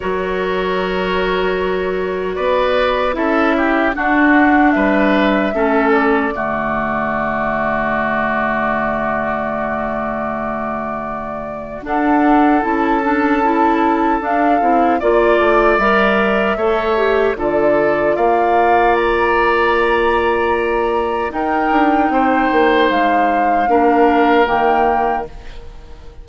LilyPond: <<
  \new Staff \with { instrumentName = "flute" } { \time 4/4 \tempo 4 = 76 cis''2. d''4 | e''4 fis''4 e''4. d''8~ | d''1~ | d''2. fis''4 |
a''2 f''4 d''4 | e''2 d''4 f''4 | ais''2. g''4~ | g''4 f''2 g''4 | }
  \new Staff \with { instrumentName = "oboe" } { \time 4/4 ais'2. b'4 | a'8 g'8 fis'4 b'4 a'4 | fis'1~ | fis'2. a'4~ |
a'2. d''4~ | d''4 cis''4 a'4 d''4~ | d''2. ais'4 | c''2 ais'2 | }
  \new Staff \with { instrumentName = "clarinet" } { \time 4/4 fis'1 | e'4 d'2 cis'4 | a1~ | a2. d'4 |
e'8 d'8 e'4 d'8 e'8 f'4 | ais'4 a'8 g'8 f'2~ | f'2. dis'4~ | dis'2 d'4 ais4 | }
  \new Staff \with { instrumentName = "bassoon" } { \time 4/4 fis2. b4 | cis'4 d'4 g4 a4 | d1~ | d2. d'4 |
cis'2 d'8 c'8 ais8 a8 | g4 a4 d4 ais4~ | ais2. dis'8 d'8 | c'8 ais8 gis4 ais4 dis4 | }
>>